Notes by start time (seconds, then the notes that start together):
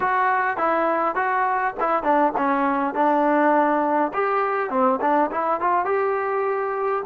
0.00 F#4
0.57 E4
1.15 F#4
1.79 E4
2.03 D4
2.37 C#4
2.94 D4
4.13 G4
4.70 C4
5.01 D4
5.31 E4
5.60 F4
5.85 G4